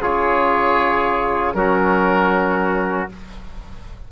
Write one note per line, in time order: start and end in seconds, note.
0.00 1.54 C#3
0.00 1.55 F4
0.00 1.55 G#4
0.00 1.54 C#5
1.54 3.08 F#3
1.54 3.09 C#4
1.54 3.11 F#4
1.54 3.08 A#4